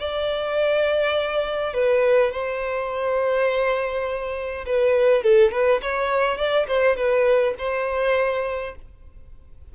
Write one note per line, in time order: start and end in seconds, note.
0.00 1.74 D5
1.74 2.32 B4
2.32 4.65 C5
4.67 5.23 B4
5.23 5.52 A4
5.52 5.81 B4
5.83 6.38 C#5
6.38 6.67 D5
6.68 6.97 C5
6.97 7.55 B4
7.59 8.76 C5